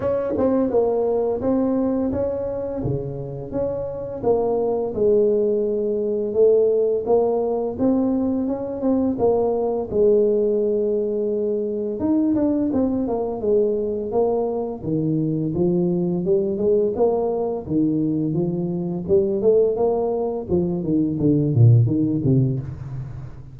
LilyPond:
\new Staff \with { instrumentName = "tuba" } { \time 4/4 \tempo 4 = 85 cis'8 c'8 ais4 c'4 cis'4 | cis4 cis'4 ais4 gis4~ | gis4 a4 ais4 c'4 | cis'8 c'8 ais4 gis2~ |
gis4 dis'8 d'8 c'8 ais8 gis4 | ais4 dis4 f4 g8 gis8 | ais4 dis4 f4 g8 a8 | ais4 f8 dis8 d8 ais,8 dis8 c8 | }